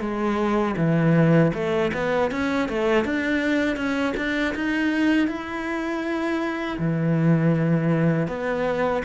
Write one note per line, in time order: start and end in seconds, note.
0.00 0.75 G#3
0.76 1.51 E3
1.54 1.91 A3
1.93 2.31 B3
2.31 2.68 C#4
2.68 3.04 A3
3.04 3.76 D4
3.76 4.14 C#4
4.17 4.54 D4
4.54 5.27 D#4
5.27 6.77 E4
6.78 8.27 E3
8.27 9.02 B3